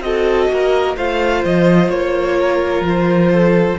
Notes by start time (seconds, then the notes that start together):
0.00 C4 F#4 A4 D#5
0.49 A#3 A#4
0.96 A3 F4 C5 F5
1.44 F3 D#5
1.88 A#3 C#5
2.39 A#4
2.80 F3
2.88 C5
3.31 A4